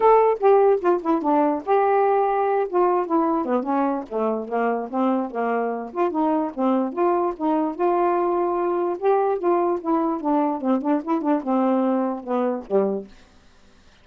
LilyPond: \new Staff \with { instrumentName = "saxophone" } { \time 4/4 \tempo 4 = 147 a'4 g'4 f'8 e'8 d'4 | g'2~ g'8 f'4 e'8~ | e'8 b8 cis'4 a4 ais4 | c'4 ais4. f'8 dis'4 |
c'4 f'4 dis'4 f'4~ | f'2 g'4 f'4 | e'4 d'4 c'8 d'8 e'8 d'8 | c'2 b4 g4 | }